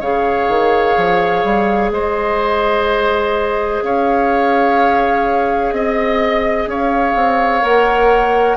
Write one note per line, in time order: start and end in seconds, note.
0.00 0.48 C#3
0.00 7.62 G#4
0.00 1.90 C#5
0.00 1.92 F5
0.48 0.96 D#3
0.97 1.44 F3
1.44 1.91 G3
1.91 3.82 G#3
1.91 3.84 C5
1.91 3.82 D#5
3.82 5.72 C#4
3.82 5.75 C#5
3.82 5.72 F5
5.72 6.67 C4
5.72 6.67 D#5
5.72 6.69 D#5
6.67 7.14 C#4
6.67 8.57 C#5
6.67 7.65 F5
7.15 7.62 C4
7.62 8.57 A#3
7.62 8.57 A#4
7.62 8.57 F#5